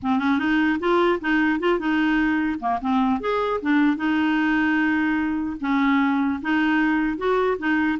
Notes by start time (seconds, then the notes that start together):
0.02 C4
0.19 C#4
0.38 D#4
0.79 F4
1.20 D#4
1.59 F4
1.79 D#4
2.59 A#3
2.81 C4
3.20 G#4
3.61 D4
3.97 D#4
5.60 C#4
6.41 D#4
7.17 F#4
7.58 D#4